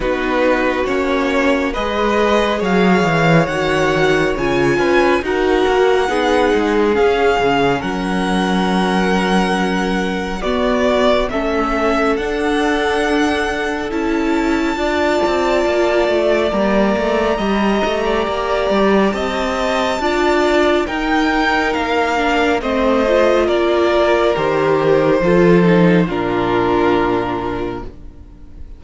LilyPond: <<
  \new Staff \with { instrumentName = "violin" } { \time 4/4 \tempo 4 = 69 b'4 cis''4 dis''4 f''4 | fis''4 gis''4 fis''2 | f''4 fis''2. | d''4 e''4 fis''2 |
a''2. ais''4~ | ais''2 a''2 | g''4 f''4 dis''4 d''4 | c''2 ais'2 | }
  \new Staff \with { instrumentName = "violin" } { \time 4/4 fis'2 b'4 cis''4~ | cis''4. b'8 ais'4 gis'4~ | gis'4 ais'2. | fis'4 a'2.~ |
a'4 d''2. | dis''8. d''4~ d''16 dis''4 d''4 | ais'2 c''4 ais'4~ | ais'4 a'4 f'2 | }
  \new Staff \with { instrumentName = "viola" } { \time 4/4 dis'4 cis'4 gis'2 | fis'4 f'4 fis'4 dis'4 | cis'1 | b4 cis'4 d'2 |
e'4 f'2 ais4 | g'2. f'4 | dis'4. d'8 c'8 f'4. | g'4 f'8 dis'8 d'2 | }
  \new Staff \with { instrumentName = "cello" } { \time 4/4 b4 ais4 gis4 fis8 e8 | dis4 cis8 cis'8 dis'8 ais8 b8 gis8 | cis'8 cis8 fis2. | b4 a4 d'2 |
cis'4 d'8 c'8 ais8 a8 g8 a8 | g8 a8 ais8 g8 c'4 d'4 | dis'4 ais4 a4 ais4 | dis4 f4 ais,2 | }
>>